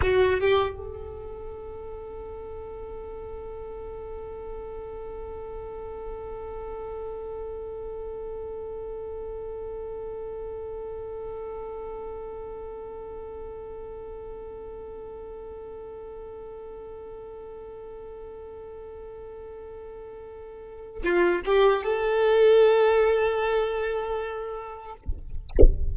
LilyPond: \new Staff \with { instrumentName = "violin" } { \time 4/4 \tempo 4 = 77 fis'8 g'8 a'2.~ | a'1~ | a'1~ | a'1~ |
a'1~ | a'1~ | a'2. f'8 g'8 | a'1 | }